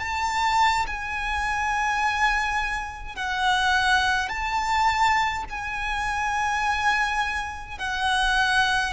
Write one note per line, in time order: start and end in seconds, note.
0.00 0.87 A5
0.87 3.16 G#5
3.16 4.30 F#5
4.30 5.45 A5
5.50 7.79 G#5
7.79 8.93 F#5